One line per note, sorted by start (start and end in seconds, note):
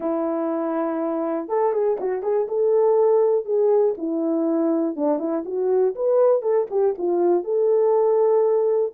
0.00 1.48 E4
1.48 1.72 A4
1.72 1.97 G#4
2.00 2.22 F#4
2.22 2.47 G#4
2.48 3.45 A4
3.45 3.94 G#4
3.97 4.96 E4
4.96 5.18 D4
5.18 5.43 E4
5.45 5.94 F#4
5.95 6.42 B4
6.42 6.66 A4
6.70 6.95 G4
6.98 7.44 F4
7.44 8.93 A4